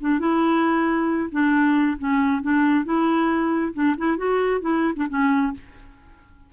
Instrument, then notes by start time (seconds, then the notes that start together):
clarinet
0.00 D4
0.19 E4
1.31 D4
1.98 C#4
2.42 D4
2.85 E4
3.73 D4
3.97 E4
4.17 F#4
4.60 E4
4.96 D4
5.09 C#4